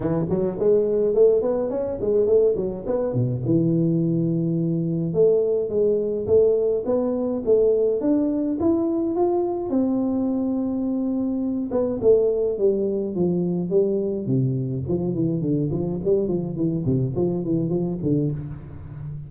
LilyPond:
\new Staff \with { instrumentName = "tuba" } { \time 4/4 \tempo 4 = 105 e8 fis8 gis4 a8 b8 cis'8 gis8 | a8 fis8 b8 b,8 e2~ | e4 a4 gis4 a4 | b4 a4 d'4 e'4 |
f'4 c'2.~ | c'8 b8 a4 g4 f4 | g4 c4 f8 e8 d8 f8 | g8 f8 e8 c8 f8 e8 f8 d8 | }